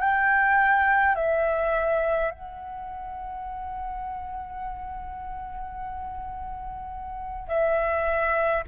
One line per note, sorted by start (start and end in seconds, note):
0.00 1.15 G5
1.15 2.31 E5
2.31 7.48 F#5
7.48 8.63 E5